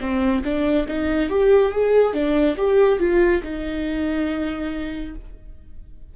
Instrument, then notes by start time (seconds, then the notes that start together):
viola
0.00 C4
0.44 D4
0.87 D#4
1.29 G4
1.71 G#4
2.13 D4
2.57 G4
2.99 F4
3.43 D#4